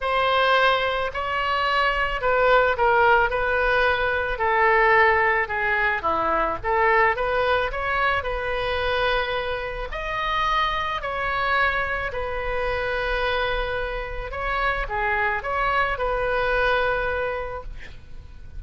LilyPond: \new Staff \with { instrumentName = "oboe" } { \time 4/4 \tempo 4 = 109 c''2 cis''2 | b'4 ais'4 b'2 | a'2 gis'4 e'4 | a'4 b'4 cis''4 b'4~ |
b'2 dis''2 | cis''2 b'2~ | b'2 cis''4 gis'4 | cis''4 b'2. | }